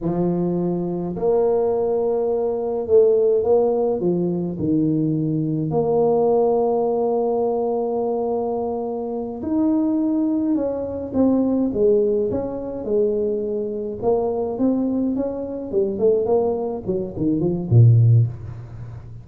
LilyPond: \new Staff \with { instrumentName = "tuba" } { \time 4/4 \tempo 4 = 105 f2 ais2~ | ais4 a4 ais4 f4 | dis2 ais2~ | ais1~ |
ais8 dis'2 cis'4 c'8~ | c'8 gis4 cis'4 gis4.~ | gis8 ais4 c'4 cis'4 g8 | a8 ais4 fis8 dis8 f8 ais,4 | }